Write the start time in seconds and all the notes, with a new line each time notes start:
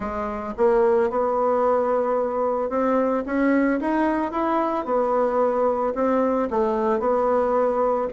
0.00 G#3
0.57 A#3
1.10 B3
2.69 C4
3.26 C#4
3.80 D#4
4.31 E4
4.85 B3
5.94 C4
6.50 A3
6.99 B3